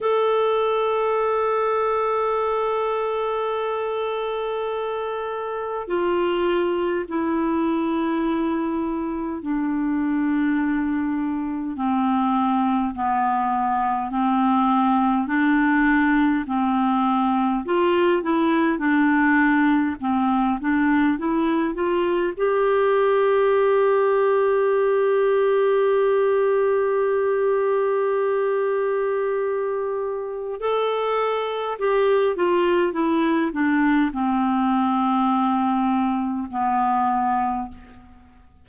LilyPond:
\new Staff \with { instrumentName = "clarinet" } { \time 4/4 \tempo 4 = 51 a'1~ | a'4 f'4 e'2 | d'2 c'4 b4 | c'4 d'4 c'4 f'8 e'8 |
d'4 c'8 d'8 e'8 f'8 g'4~ | g'1~ | g'2 a'4 g'8 f'8 | e'8 d'8 c'2 b4 | }